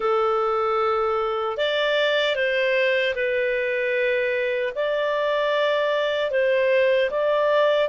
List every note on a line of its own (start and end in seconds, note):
0.00 1.57 A4
1.57 2.35 D5
2.35 3.14 C5
3.15 4.73 B4
4.75 6.31 D5
6.31 7.09 C5
7.10 7.88 D5